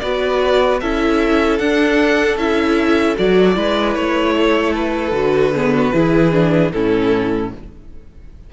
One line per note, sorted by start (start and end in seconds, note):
0.00 0.82 B3
0.00 0.82 F#4
0.00 0.81 B4
0.00 0.79 D5
0.81 1.60 C#4
0.81 1.61 E4
0.81 3.56 A4
0.81 1.59 E5
1.59 2.37 D4
1.59 2.38 D4
1.59 2.37 F#5
2.37 3.16 C#4
2.37 3.16 E4
2.37 3.17 E5
3.16 3.57 F#3
3.16 3.55 F#4
3.16 3.95 D5
3.55 3.96 G#3
3.55 5.13 E4
3.55 4.35 B4
3.95 5.12 A3
3.95 4.74 C#5
4.37 5.55 A4
4.75 6.72 B4
5.12 5.91 D3
5.12 5.53 F#4
5.56 5.94 B3
5.56 5.74 G#4
5.74 5.94 F#4
5.94 6.73 E3
5.94 6.32 E4
5.94 6.73 G#4
6.32 6.72 D4
6.72 7.53 A2
6.72 7.53 C#4
6.72 7.53 E4
6.72 7.51 A4